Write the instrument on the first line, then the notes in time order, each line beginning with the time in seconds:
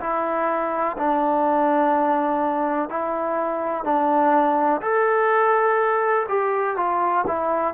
trombone
0.00 E4
0.98 D4
2.89 E4
3.84 D4
4.81 A4
6.29 G4
6.77 F4
7.27 E4